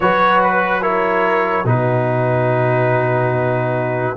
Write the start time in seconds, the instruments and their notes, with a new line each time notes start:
0.00 tuba F#3, trombone F#4, horn B4, trumpet C#5
0.43 trumpet B4
0.81 trombone E4, horn A#4, trumpet C#5
1.64 tuba B2, trombone D#4, horn F#4, trumpet B4